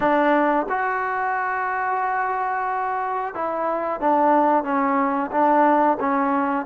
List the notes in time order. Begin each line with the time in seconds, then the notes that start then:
0.00 D4
0.69 F#4
3.34 E4
4.00 D4
4.63 C#4
5.31 D4
5.99 C#4